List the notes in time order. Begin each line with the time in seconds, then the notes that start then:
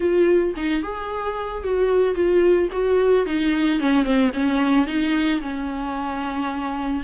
0.00 F4
0.56 D#4
0.82 G#4
1.63 F#4
2.14 F4
2.71 F#4
3.26 D#4
3.80 C#4
4.03 C4
4.33 C#4
4.86 D#4
5.41 C#4